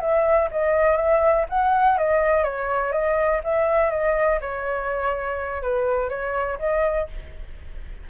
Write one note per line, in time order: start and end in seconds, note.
0.00 0.49 E5
0.51 0.96 D#5
0.96 1.45 E5
1.49 1.97 F#5
1.97 2.43 D#5
2.43 2.92 C#5
2.92 3.41 D#5
3.43 3.90 E5
3.90 4.39 D#5
4.41 5.62 C#5
5.62 6.09 B4
6.09 6.58 C#5
6.59 7.08 D#5